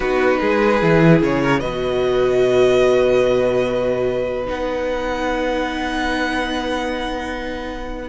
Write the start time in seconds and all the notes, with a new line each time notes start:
0.00 B3 D#4 F#4 B4
0.40 G#3 G#4
0.80 E3 E4
1.22 C#3 C#5
1.42 A#4
1.59 B2 F#4 B4 D#5
4.44 B3 D#4 F#5